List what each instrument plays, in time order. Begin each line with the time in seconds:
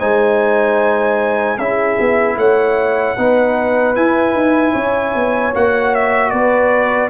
0.00 tuba G#3, trombone D#4, horn C5, trumpet G#5
1.58 tuba C#4, trombone E4, horn G#4, trumpet E5
2.00 tuba B3
2.37 tuba A3, horn C#5, trumpet F#5
3.17 tuba B3, trombone D#4, horn B4
3.96 trombone E4, tuba E4, trumpet G#5
4.34 tuba D#4
4.73 tuba C#4, horn C#5
5.15 tuba B3
5.55 tuba A#3, trombone F#4, trumpet F#5
5.95 trumpet E5
6.31 tuba B3, horn B4, trumpet D5